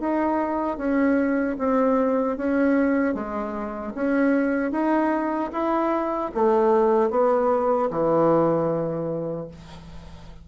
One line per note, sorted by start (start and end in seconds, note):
0.00 0.78 D#4
0.78 1.57 C#4
1.59 2.38 C4
2.38 3.15 C#4
3.15 3.94 G#3
3.95 4.72 C#4
4.72 5.51 D#4
5.53 6.32 E4
6.35 7.11 A3
7.11 7.90 B3
7.91 9.48 E3